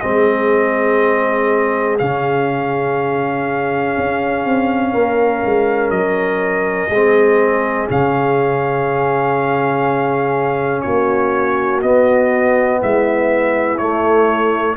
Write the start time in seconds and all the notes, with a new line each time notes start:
0.00 G#3 C4 G#4 D#5
1.98 C#3 C#4 F5
3.97 C#4
4.45 C4
4.93 A#3 A#4
5.44 G#3
5.90 F#3 D#5
6.89 G#3 C4 G#4
7.88 C#3 C#4 F5
10.82 A#3 F#4 C#5
11.82 B3 D#5
12.81 G#3 E4 E5
13.77 A3 C#5